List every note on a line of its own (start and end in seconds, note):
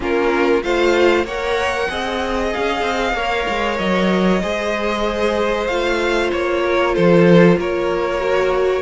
0.00 0.62 A#3
0.00 0.62 C#4
0.00 0.64 F4
0.00 0.63 A#4
0.63 1.24 A3
0.63 1.26 F4
0.63 1.25 C5
0.63 1.26 F5
1.24 1.87 A#3
1.24 1.89 A#4
1.24 1.88 C#5
1.24 2.52 F#5
1.89 2.53 C4
1.89 3.15 G#4
1.89 3.15 D#5
2.52 2.81 C#4
2.52 3.78 F5
2.81 3.13 C4
3.13 3.44 A#3
3.13 4.41 A#4
3.13 4.41 C#5
3.48 3.79 G#3
3.78 4.42 F#3
3.78 5.67 D#5
4.42 5.68 G#3
4.42 5.68 G#4
4.42 6.63 C5
5.67 6.31 A3
5.67 8.19 F4
5.67 6.30 F5
6.31 6.96 A#3
6.31 6.94 C#5
6.64 6.94 A#4
6.94 7.57 F3
6.94 7.58 A4
6.94 7.58 C5
7.57 8.82 A#3
7.57 8.82 A#4
7.57 8.82 C#5
8.19 8.82 F#4